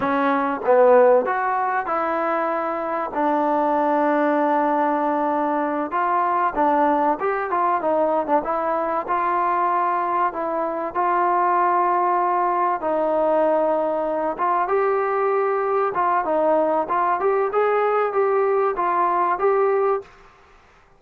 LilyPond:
\new Staff \with { instrumentName = "trombone" } { \time 4/4 \tempo 4 = 96 cis'4 b4 fis'4 e'4~ | e'4 d'2.~ | d'4. f'4 d'4 g'8 | f'8 dis'8. d'16 e'4 f'4.~ |
f'8 e'4 f'2~ f'8~ | f'8 dis'2~ dis'8 f'8 g'8~ | g'4. f'8 dis'4 f'8 g'8 | gis'4 g'4 f'4 g'4 | }